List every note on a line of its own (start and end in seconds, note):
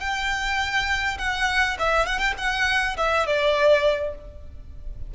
0.00 1.18 G5
1.18 1.77 F#5
1.79 2.06 E5
2.06 2.18 F#5
2.18 2.33 G5
2.37 2.96 F#5
2.97 3.26 E5
3.26 4.14 D5